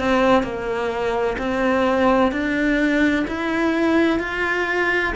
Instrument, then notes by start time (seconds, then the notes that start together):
cello
0.00 C4
0.43 A#3
1.38 C4
2.32 D4
3.28 E4
4.20 F4